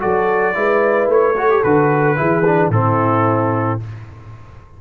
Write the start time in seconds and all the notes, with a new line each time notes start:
0.00 F#3 F#4 A4 D5
0.54 G#3 E4 B4
1.08 A3 C#5
1.36 F#4 A4
1.49 G4
1.63 D3 F#4 B4
2.16 E3 E4 G#4
2.46 D4
2.69 A2 C4 E4 A4